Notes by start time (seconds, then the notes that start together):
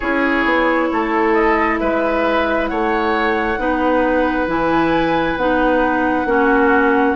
0.00 C#4 E4 G#4 C#5
0.44 B3
0.91 A3 A4
1.33 D#5
1.78 G#3 B4 E5
2.67 A3 C#5 F#5
3.57 B3 D#4 B4
4.47 E3 E4 G#5
5.36 B3 D#4 F#5
6.25 A#3 C#4 F#4